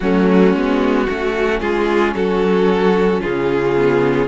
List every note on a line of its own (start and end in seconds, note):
0.00 0.53 F#3
0.00 0.56 A3
0.00 1.06 C#4
0.00 1.60 F#4
0.53 1.07 G#3
0.53 1.08 B3
1.06 1.61 A3
1.06 3.75 C#4
1.06 1.60 F#4
1.60 2.14 G#3
1.60 2.14 F4
1.60 2.14 G#4
2.14 3.21 F#3
2.14 3.21 F#4
2.14 3.22 A4
3.21 4.28 C#3
3.21 4.28 F4
3.21 4.28 G#4
3.76 4.28 B3